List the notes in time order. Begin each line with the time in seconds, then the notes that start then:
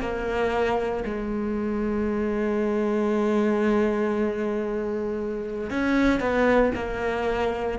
0.00 A#3
1.04 G#3
5.70 C#4
6.20 B3
6.75 A#3